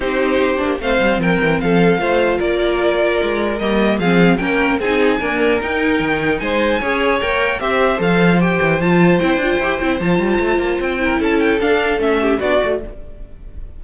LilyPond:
<<
  \new Staff \with { instrumentName = "violin" } { \time 4/4 \tempo 4 = 150 c''2 f''4 g''4 | f''2 d''2~ | d''4 dis''4 f''4 g''4 | gis''2 g''2 |
gis''2 g''4 e''4 | f''4 g''4 a''4 g''4~ | g''4 a''2 g''4 | a''8 g''8 f''4 e''4 d''4 | }
  \new Staff \with { instrumentName = "violin" } { \time 4/4 g'2 c''4 ais'4 | a'4 c''4 ais'2~ | ais'2 gis'4 ais'4 | gis'4 ais'2. |
c''4 cis''2 c''4~ | c''1~ | c''2.~ c''8 ais'8 | a'2~ a'8 g'8 fis'4 | }
  \new Staff \with { instrumentName = "viola" } { \time 4/4 dis'4. d'8 c'2~ | c'4 f'2.~ | f'4 ais4 c'4 cis'4 | dis'4 ais4 dis'2~ |
dis'4 gis'4 ais'4 g'4 | a'4 g'4 f'4 e'8 f'8 | g'8 e'8 f'2~ f'8 e'8~ | e'4 d'4 cis'4 d'8 fis'8 | }
  \new Staff \with { instrumentName = "cello" } { \time 4/4 c'4. ais8 a8 g8 f8 e8 | f4 a4 ais2 | gis4 g4 f4 ais4 | c'4 d'4 dis'4 dis4 |
gis4 cis'4 ais4 c'4 | f4. e8 f4 c'8 d'8 | e'8 c'8 f8 g8 a8 ais8 c'4 | cis'4 d'4 a4 b8 a8 | }
>>